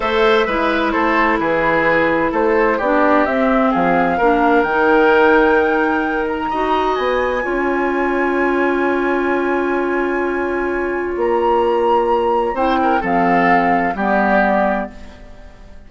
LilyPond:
<<
  \new Staff \with { instrumentName = "flute" } { \time 4/4 \tempo 4 = 129 e''2 c''4 b'4~ | b'4 c''4 d''4 e''4 | f''2 g''2~ | g''4. ais''4. gis''4~ |
gis''1~ | gis''1 | ais''2. g''4 | f''2 d''2 | }
  \new Staff \with { instrumentName = "oboe" } { \time 4/4 c''4 b'4 a'4 gis'4~ | gis'4 a'4 g'2 | gis'4 ais'2.~ | ais'2 dis''2 |
cis''1~ | cis''1~ | cis''2. c''8 ais'8 | a'2 g'2 | }
  \new Staff \with { instrumentName = "clarinet" } { \time 4/4 a'4 e'2.~ | e'2 d'4 c'4~ | c'4 d'4 dis'2~ | dis'2 fis'2 |
f'1~ | f'1~ | f'2. e'4 | c'2 b2 | }
  \new Staff \with { instrumentName = "bassoon" } { \time 4/4 a4 gis4 a4 e4~ | e4 a4 b4 c'4 | f4 ais4 dis2~ | dis2 dis'4 b4 |
cis'1~ | cis'1 | ais2. c'4 | f2 g2 | }
>>